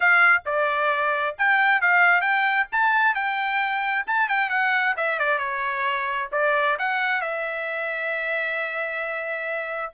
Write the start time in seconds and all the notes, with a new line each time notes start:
0.00 F5
0.45 D5
1.38 G5
1.81 F5
2.21 G5
2.72 A5
3.14 G5
4.06 A5
4.28 G5
4.49 F#5
4.96 E5
5.19 D5
5.38 C#5
6.32 D5
6.78 F#5
7.21 E5